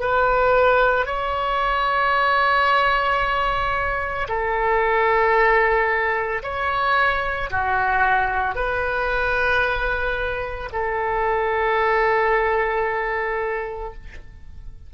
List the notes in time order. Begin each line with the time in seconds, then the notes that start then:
0.00 B4
1.07 C#5
4.29 A4
6.43 C#5
7.50 F#4
8.56 B4
10.72 A4